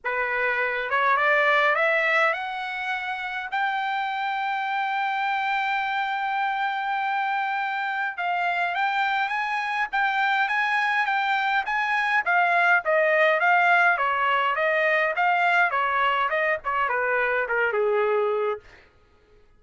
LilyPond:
\new Staff \with { instrumentName = "trumpet" } { \time 4/4 \tempo 4 = 103 b'4. cis''8 d''4 e''4 | fis''2 g''2~ | g''1~ | g''2 f''4 g''4 |
gis''4 g''4 gis''4 g''4 | gis''4 f''4 dis''4 f''4 | cis''4 dis''4 f''4 cis''4 | dis''8 cis''8 b'4 ais'8 gis'4. | }